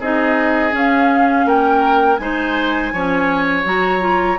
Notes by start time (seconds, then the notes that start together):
0.00 C4 D#4 G#4 D#5
0.72 C#4 F5
1.46 A#3 A#4 G5
2.17 G#3 D#4 C5 G#5
2.93 F3 C#4 C#5
3.65 F#3 F#4 A#5
4.00 F4